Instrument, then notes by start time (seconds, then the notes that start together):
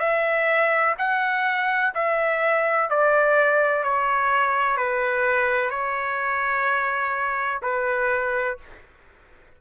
trumpet
0.00 E5
0.99 F#5
1.95 E5
2.90 D5
3.84 C#5
4.77 B4
5.71 C#5
7.63 B4